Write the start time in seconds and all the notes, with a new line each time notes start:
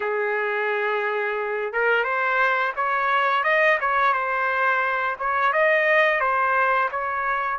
0.00 G#4
1.72 A#4
2.03 C5
2.76 C#5
3.43 D#5
3.80 C#5
4.13 C5
5.19 C#5
5.52 D#5
6.20 C5
6.91 C#5